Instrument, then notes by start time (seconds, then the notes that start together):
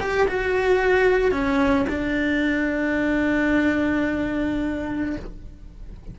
cello
0.00 G4
0.28 F#4
1.32 C#4
1.89 D4